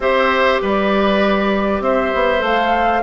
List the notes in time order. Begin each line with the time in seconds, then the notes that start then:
0.00 C4 G4 C5 E5
0.61 G3 B4 D5
1.80 C4 C5 E5
2.14 B3
2.38 A3 A4 F5